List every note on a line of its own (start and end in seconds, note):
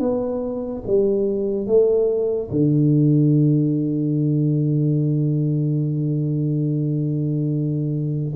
0.00 0.83 B3
0.87 1.67 G3
1.67 2.50 A3
2.51 8.34 D3